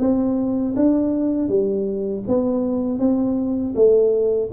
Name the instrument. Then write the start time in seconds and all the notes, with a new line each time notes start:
tuba
0.00 C4
0.76 D4
1.49 G3
2.28 B3
2.99 C4
3.75 A3